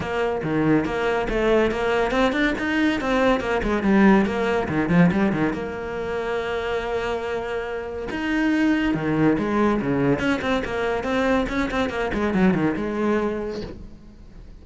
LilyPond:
\new Staff \with { instrumentName = "cello" } { \time 4/4 \tempo 4 = 141 ais4 dis4 ais4 a4 | ais4 c'8 d'8 dis'4 c'4 | ais8 gis8 g4 ais4 dis8 f8 | g8 dis8 ais2.~ |
ais2. dis'4~ | dis'4 dis4 gis4 cis4 | cis'8 c'8 ais4 c'4 cis'8 c'8 | ais8 gis8 fis8 dis8 gis2 | }